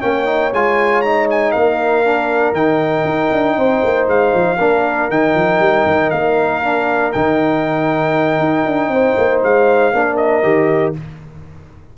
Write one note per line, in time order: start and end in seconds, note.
0.00 0.52 A#3
0.00 0.25 C#4
0.00 1.53 C#5
0.00 0.52 G5
0.25 0.50 D#4
0.52 1.54 G#3
0.52 1.04 F4
0.52 1.01 G#5
1.01 2.04 D#4
1.01 1.27 A#5
1.30 1.51 G#5
1.51 2.52 A#3
1.51 3.56 A#4
1.51 2.53 F5
2.04 2.54 D4
2.52 3.03 D#3
2.52 4.57 D#4
2.52 4.07 G5
3.04 3.30 D#4
3.32 3.56 D4
3.56 3.82 C4
3.56 4.58 C5
3.83 4.07 A#3
4.07 4.32 G#3
4.07 5.10 F5
4.33 4.59 F3
4.58 5.09 A#3
4.58 5.10 D4
4.58 8.90 A#4
5.09 5.34 D#3
5.09 6.62 D#4
5.09 6.10 G5
5.34 5.59 F3
5.59 5.85 G3
5.85 6.11 D#3
6.10 7.14 A#3
6.10 7.12 F5
6.62 7.13 D4
7.12 8.39 D#3
7.12 9.93 D#4
7.12 9.41 G5
8.39 8.64 D#4
8.65 8.88 D4
8.88 9.13 C4
8.88 9.94 C5
9.17 9.42 A#3
9.43 9.92 G#3
9.43 10.16 F5
9.92 10.43 A#3
9.92 10.42 D4
9.92 10.97 A#4
10.16 10.93 D#5
10.42 10.94 D#3
10.42 10.93 G4